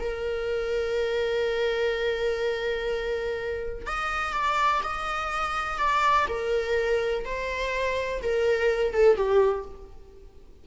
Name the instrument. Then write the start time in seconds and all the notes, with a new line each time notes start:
viola
0.00 A#4
3.86 D#5
4.33 D5
4.83 D#5
5.78 D5
6.28 A#4
7.25 C5
8.22 A#4
8.93 A4
9.16 G4